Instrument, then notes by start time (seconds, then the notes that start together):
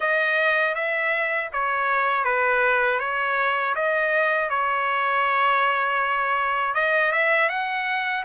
trumpet
0.00 D#5
0.75 E5
1.52 C#5
2.24 B4
2.99 C#5
3.75 D#5
4.49 C#5
6.74 D#5
7.12 E5
7.49 F#5